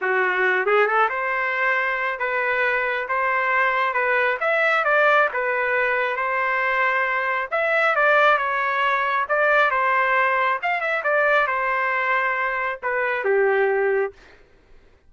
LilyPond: \new Staff \with { instrumentName = "trumpet" } { \time 4/4 \tempo 4 = 136 fis'4. gis'8 a'8 c''4.~ | c''4 b'2 c''4~ | c''4 b'4 e''4 d''4 | b'2 c''2~ |
c''4 e''4 d''4 cis''4~ | cis''4 d''4 c''2 | f''8 e''8 d''4 c''2~ | c''4 b'4 g'2 | }